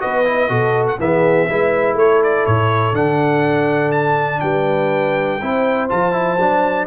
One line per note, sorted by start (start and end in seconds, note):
0.00 0.49 B3
0.00 0.25 F#4
0.00 0.49 B4
0.00 0.87 D#5
0.25 0.49 E4
0.49 0.99 B2
0.49 0.98 F#4
0.49 0.98 A4
0.87 1.00 F#5
0.99 1.48 E3
0.99 1.50 B3
0.99 1.49 G#4
0.99 1.98 E5
1.49 1.95 G#3
1.49 2.95 E4
1.49 1.96 B4
1.95 2.44 A3
1.95 4.42 A4
1.95 2.23 C#5
2.23 2.46 D5
2.46 2.93 A2
2.46 2.95 C#5
2.93 4.40 D3
2.93 5.41 D4
2.93 3.92 F#5
3.92 4.41 A5
4.41 5.41 G3
4.41 5.41 B4
4.41 5.88 G5
5.42 5.91 C4
5.42 5.89 E4
5.42 6.87 C5
5.89 6.39 F3
5.89 6.12 F4
5.89 6.87 A5
6.12 6.37 E4
6.39 6.87 F#3
6.39 6.87 D4